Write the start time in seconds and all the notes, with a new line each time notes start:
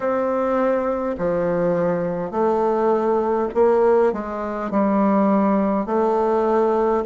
0.00 C4
1.18 F3
2.31 A3
3.54 A#3
4.12 G#3
4.71 G3
5.86 A3